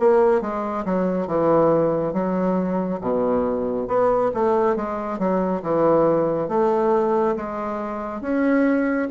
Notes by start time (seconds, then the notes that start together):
0.00 A#3
0.42 G#3
0.85 F#3
1.28 E3
2.13 F#3
3.01 B2
3.88 B3
4.34 A3
4.76 G#3
5.19 F#3
5.63 E3
6.49 A3
7.36 G#3
8.22 C#4